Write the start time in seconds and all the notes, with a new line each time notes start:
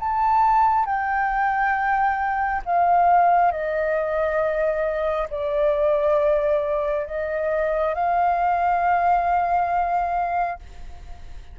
0.00 A5
0.86 G5
2.66 F5
3.52 D#5
5.31 D5
7.07 D#5
7.95 F5